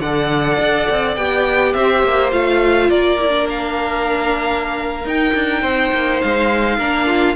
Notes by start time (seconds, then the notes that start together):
0.00 D3 A4 D5 F#5
0.59 D4
0.89 C4
1.15 B3 G4 G5
1.73 C4 C5 E5
2.03 A#3
2.32 A3 F4 F5
2.89 A#3 A#4 D5
3.19 E4
3.28 D4
3.49 F5
5.04 D#4 G5
5.34 D4
5.61 C4 C5
5.92 A#3
6.21 G#3 F5
6.78 A#3 D4 A#4
7.06 F4